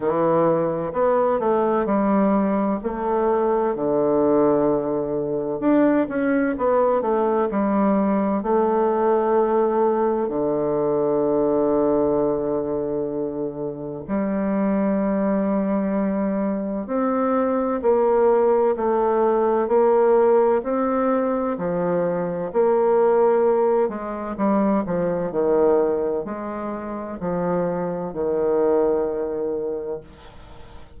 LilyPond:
\new Staff \with { instrumentName = "bassoon" } { \time 4/4 \tempo 4 = 64 e4 b8 a8 g4 a4 | d2 d'8 cis'8 b8 a8 | g4 a2 d4~ | d2. g4~ |
g2 c'4 ais4 | a4 ais4 c'4 f4 | ais4. gis8 g8 f8 dis4 | gis4 f4 dis2 | }